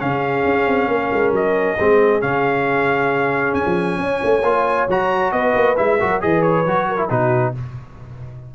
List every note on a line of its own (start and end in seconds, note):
0.00 0.45 C#3
0.00 1.78 C#4
0.00 0.90 G#4
0.00 1.33 F5
0.45 0.67 C#4
0.67 0.88 C4
0.88 1.10 A#3
0.88 1.77 A#4
1.13 1.32 G#3
1.32 1.76 F#3
1.32 2.21 D#5
1.77 2.23 G#3
1.77 2.21 C4
1.77 3.99 G#4
2.21 3.54 C#3
2.21 4.43 C#4
2.21 3.54 F5
3.54 3.65 C#4
3.54 4.88 G#5
3.66 3.99 F3
3.99 4.21 C#4
3.99 5.35 C#5
4.23 4.43 A3
4.43 4.87 A#3
4.43 4.89 F4
4.88 5.32 F#3
4.88 5.77 F#4
4.88 5.32 A#5
5.32 5.54 B3
5.32 6.00 B4
5.32 5.76 D#5
5.55 5.77 A#3
5.77 6.01 G#3
5.77 5.99 E4
5.77 6.21 E5
6.00 6.24 F#3
6.00 6.21 F#4
6.00 6.22 A#4
6.21 6.66 E3
6.21 6.65 G#4
6.21 6.89 B4
6.21 6.42 D#5
6.42 7.09 C#5
6.66 7.10 F#3
6.66 6.98 F#4
6.89 7.09 A#4
6.98 7.09 E4
7.09 7.55 B2
7.09 7.55 D#4
7.09 7.54 F#4
7.09 7.54 B4